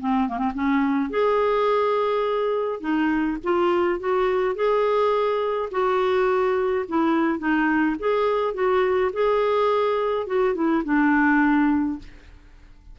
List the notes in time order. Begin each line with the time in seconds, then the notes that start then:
0.00 C4
0.29 A#3
0.38 C4
0.54 C#4
1.10 G#4
2.80 D#4
3.43 F4
3.99 F#4
4.55 G#4
5.71 F#4
6.88 E4
7.38 D#4
7.99 G#4
8.54 F#4
9.12 G#4
10.26 F#4
10.55 E4
10.84 D4